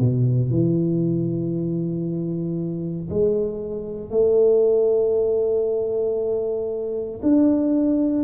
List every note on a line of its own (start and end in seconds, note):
0.00 0.51 B2
0.51 3.09 E3
3.10 4.11 G#3
4.11 7.21 A3
7.23 8.25 D4